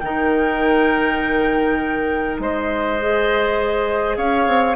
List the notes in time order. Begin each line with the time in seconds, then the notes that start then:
0.00 D#3 D#4 A#4 G5
2.39 G#3 C5 D#5
3.00 G#4
4.17 C#4 C#5 F5
4.47 C4